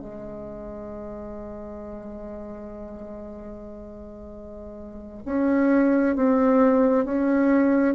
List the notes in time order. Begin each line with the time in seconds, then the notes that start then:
0.00 G#3
5.26 C#4
6.16 C4
7.05 C#4